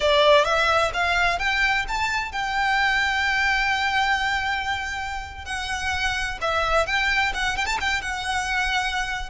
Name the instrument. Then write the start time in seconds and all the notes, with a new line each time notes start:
violin
0.00 D5
0.44 E5
0.93 F5
1.38 G5
1.88 A5
2.32 G5
5.45 F#5
6.41 E5
6.86 G5
7.34 F#5
7.57 G5
7.66 A5
7.80 G5
8.01 F#5